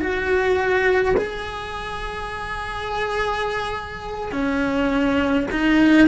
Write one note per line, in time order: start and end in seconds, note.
0.00 1.15 F#4
1.17 4.32 G#4
4.32 5.48 C#4
5.51 6.08 D#4